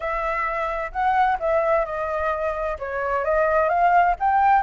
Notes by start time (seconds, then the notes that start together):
0.00 E5
0.92 F#5
1.39 E5
1.85 D#5
2.78 C#5
3.24 D#5
3.68 F5
4.19 G5